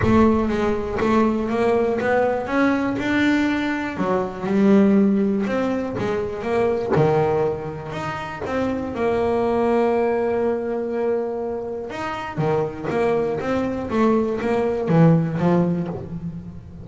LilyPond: \new Staff \with { instrumentName = "double bass" } { \time 4/4 \tempo 4 = 121 a4 gis4 a4 ais4 | b4 cis'4 d'2 | fis4 g2 c'4 | gis4 ais4 dis2 |
dis'4 c'4 ais2~ | ais1 | dis'4 dis4 ais4 c'4 | a4 ais4 e4 f4 | }